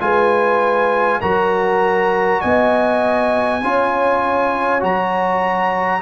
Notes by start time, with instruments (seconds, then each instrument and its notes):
0.00 tuba G#3, trombone F4, horn B4, trumpet G#5
1.21 tuba F#3, trombone F#4, horn A#4, trumpet A#5
2.41 tuba B3, horn D#5, trumpet G#5
3.62 tuba C#4, trombone F4, horn C#5
4.79 tuba F#3, trombone F#4, trumpet A#5